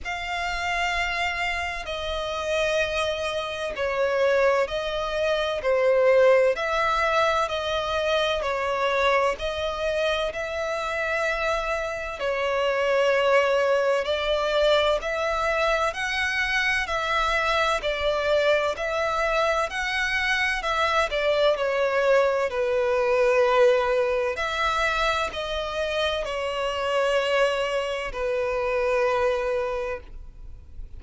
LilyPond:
\new Staff \with { instrumentName = "violin" } { \time 4/4 \tempo 4 = 64 f''2 dis''2 | cis''4 dis''4 c''4 e''4 | dis''4 cis''4 dis''4 e''4~ | e''4 cis''2 d''4 |
e''4 fis''4 e''4 d''4 | e''4 fis''4 e''8 d''8 cis''4 | b'2 e''4 dis''4 | cis''2 b'2 | }